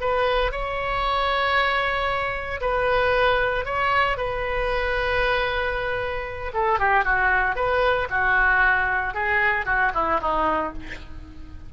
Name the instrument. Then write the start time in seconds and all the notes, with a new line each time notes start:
oboe
0.00 B4
0.51 C#5
2.60 B4
3.65 C#5
4.17 B4
6.53 A4
6.79 G4
7.04 F#4
7.55 B4
8.10 F#4
9.14 G#4
9.65 F#4
9.94 E4
10.21 D#4